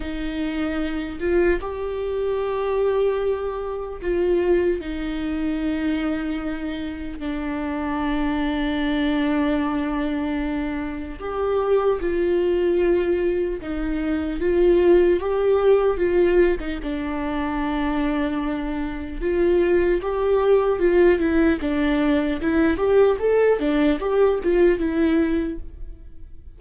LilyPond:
\new Staff \with { instrumentName = "viola" } { \time 4/4 \tempo 4 = 75 dis'4. f'8 g'2~ | g'4 f'4 dis'2~ | dis'4 d'2.~ | d'2 g'4 f'4~ |
f'4 dis'4 f'4 g'4 | f'8. dis'16 d'2. | f'4 g'4 f'8 e'8 d'4 | e'8 g'8 a'8 d'8 g'8 f'8 e'4 | }